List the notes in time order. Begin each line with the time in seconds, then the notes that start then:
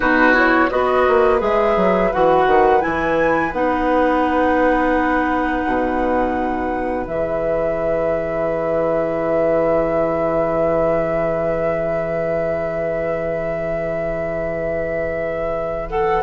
0.00 B2 D#4 F#4 B4
0.33 E4 C#5
0.70 B3 F#4 B4 D#5
1.07 A#3
1.39 G#3 G#4 E5
1.76 F#3
2.12 E3 F#4 F#5
2.46 D#3
2.80 E3 E4 G#5
3.52 B3 D#4 F#5
5.65 B2
7.06 E3 G#4 E5
15.89 A4 F#5